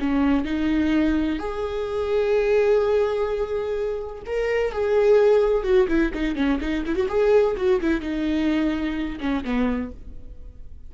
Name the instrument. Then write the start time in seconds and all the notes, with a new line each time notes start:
viola
0.00 C#4
0.45 D#4
1.39 G#4
4.26 A#4
4.72 G#4
5.63 F#4
5.88 E4
6.14 D#4
6.36 C#4
6.61 D#4
6.86 E4
6.95 F#4
7.08 G#4
7.57 F#4
7.81 E4
8.01 D#4
9.20 C#4
9.44 B3